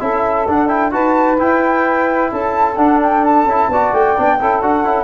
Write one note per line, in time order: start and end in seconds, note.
0.00 0.47 C#4
0.00 0.46 E4
0.00 0.93 A4
0.00 0.47 E5
0.48 0.94 D4
0.48 0.68 D4
0.48 0.68 F#5
0.68 0.91 E4
0.68 0.91 G5
0.91 1.39 D#4
0.91 1.37 F#4
0.91 2.31 B4
0.91 1.39 A5
1.38 2.77 E4
1.38 2.31 E4
1.38 2.31 G5
2.31 2.76 C#4
2.31 3.70 A4
2.31 2.76 A5
2.76 3.45 D4
2.76 3.47 D4
2.76 2.99 F#5
3.03 3.24 G5
3.24 3.94 A5
3.45 3.68 C#4
3.45 3.72 E4
3.69 3.92 B3
3.69 4.17 F#4
3.69 4.37 D5
3.93 4.16 A3
3.93 4.61 G5
4.17 4.41 B3
4.17 4.40 D4
4.37 4.61 C#4
4.37 4.62 E4
4.37 5.04 A4
4.61 4.84 D4
4.61 4.85 F#4
4.61 5.04 F#5
4.84 5.04 C#4
4.84 5.04 E4